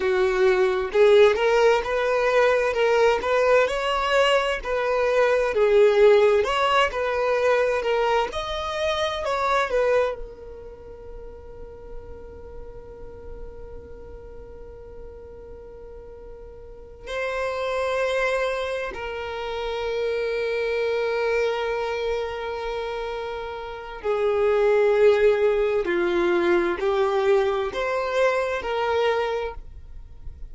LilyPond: \new Staff \with { instrumentName = "violin" } { \time 4/4 \tempo 4 = 65 fis'4 gis'8 ais'8 b'4 ais'8 b'8 | cis''4 b'4 gis'4 cis''8 b'8~ | b'8 ais'8 dis''4 cis''8 b'8 ais'4~ | ais'1~ |
ais'2~ ais'8 c''4.~ | c''8 ais'2.~ ais'8~ | ais'2 gis'2 | f'4 g'4 c''4 ais'4 | }